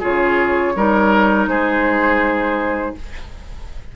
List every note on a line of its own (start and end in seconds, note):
0.00 0.75 C#3
0.00 0.74 F4
0.00 0.73 G#4
0.00 1.48 C#5
0.75 1.47 G3
0.75 2.96 D#4
0.75 1.50 A#4
1.47 2.93 G#3
1.47 2.96 G#4
1.47 2.95 C5